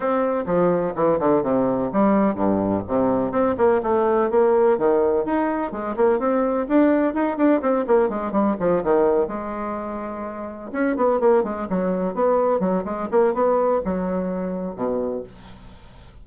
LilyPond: \new Staff \with { instrumentName = "bassoon" } { \time 4/4 \tempo 4 = 126 c'4 f4 e8 d8 c4 | g4 g,4 c4 c'8 ais8 | a4 ais4 dis4 dis'4 | gis8 ais8 c'4 d'4 dis'8 d'8 |
c'8 ais8 gis8 g8 f8 dis4 gis8~ | gis2~ gis8 cis'8 b8 ais8 | gis8 fis4 b4 fis8 gis8 ais8 | b4 fis2 b,4 | }